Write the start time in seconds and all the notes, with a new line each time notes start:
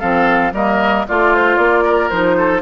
0.00 F3 C4 A4 F5
0.53 G3 A#3 A#4 D#5
1.08 A3 F4 D5
1.34 C5
1.57 A#3 D5
1.84 A#4
2.10 F3 D#4 C5
2.37 A4